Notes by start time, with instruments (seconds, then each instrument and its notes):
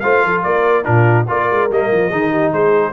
0.00 tuba A3, trombone F4, horn C5, trumpet F5
0.23 tuba F3, horn A4
0.43 tuba A#3, horn A#4, trumpet D5
0.84 tuba A#2, trombone D4, horn F4, trumpet A#4
1.28 tuba A#3, trombone F4, horn A#4, trumpet D5
1.51 tuba G#3
1.70 tuba G3, trombone A#3, trumpet D#5
1.92 tuba F3
2.09 tuba D#3, trombone D#4, horn G#4
2.31 horn G4
2.52 tuba G#3, horn G#4, trumpet C5